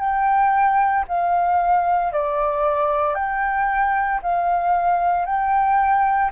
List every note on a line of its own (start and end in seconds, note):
0.00 1.05 G5
1.09 2.13 F5
2.13 3.15 D5
3.15 4.21 G5
4.23 5.26 F5
5.26 6.32 G5